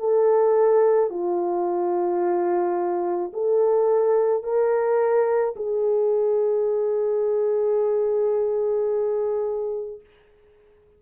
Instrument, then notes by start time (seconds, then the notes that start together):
horn
0.00 A4
1.11 F4
3.34 A4
4.44 A#4
5.57 G#4